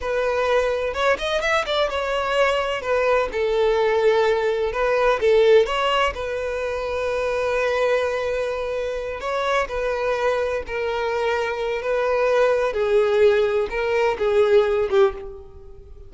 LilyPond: \new Staff \with { instrumentName = "violin" } { \time 4/4 \tempo 4 = 127 b'2 cis''8 dis''8 e''8 d''8 | cis''2 b'4 a'4~ | a'2 b'4 a'4 | cis''4 b'2.~ |
b'2.~ b'8 cis''8~ | cis''8 b'2 ais'4.~ | ais'4 b'2 gis'4~ | gis'4 ais'4 gis'4. g'8 | }